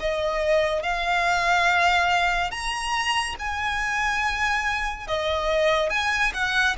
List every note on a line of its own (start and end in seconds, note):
0.00 0.83 D#5
0.83 2.51 F5
2.51 3.36 A#5
3.39 5.07 G#5
5.07 5.90 D#5
5.90 6.32 G#5
6.34 6.76 F#5